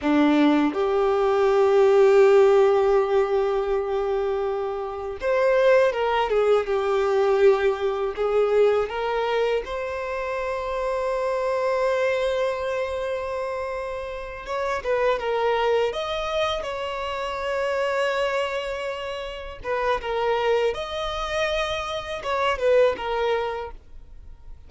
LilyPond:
\new Staff \with { instrumentName = "violin" } { \time 4/4 \tempo 4 = 81 d'4 g'2.~ | g'2. c''4 | ais'8 gis'8 g'2 gis'4 | ais'4 c''2.~ |
c''2.~ c''8 cis''8 | b'8 ais'4 dis''4 cis''4.~ | cis''2~ cis''8 b'8 ais'4 | dis''2 cis''8 b'8 ais'4 | }